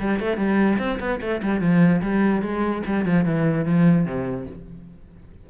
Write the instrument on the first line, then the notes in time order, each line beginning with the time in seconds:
cello
0.00 G3
0.20 A3
0.37 G3
0.79 C4
1.00 B3
1.21 A3
1.43 G3
1.61 F3
2.02 G3
2.42 G#3
2.86 G3
3.06 F3
3.25 E3
3.66 F3
4.06 C3